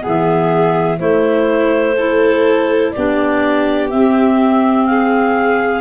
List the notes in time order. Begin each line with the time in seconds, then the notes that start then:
0.00 E3 B3 G#4
0.07 E5
0.98 A3 E4 C5
1.96 E4 A4
2.91 B3 D4 G4 D5
3.90 C4 E5
4.85 G#4 F5